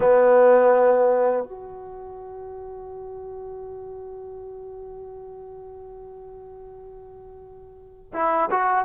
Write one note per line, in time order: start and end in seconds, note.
0.00 1.43 B3
1.43 8.12 F#4
8.13 8.49 E4
8.50 8.85 F#4